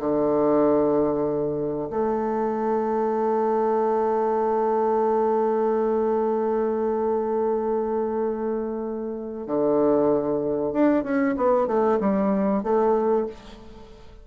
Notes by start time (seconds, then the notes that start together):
0.00 D3
1.90 A3
9.47 D3
10.73 D4
11.04 C#4
11.37 B3
11.68 A3
12.00 G3
12.63 A3